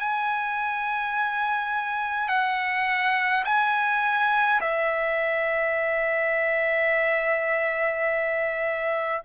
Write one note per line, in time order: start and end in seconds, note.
0.00 2.29 G#5
2.29 3.44 F#5
3.45 4.60 G#5
4.61 9.23 E5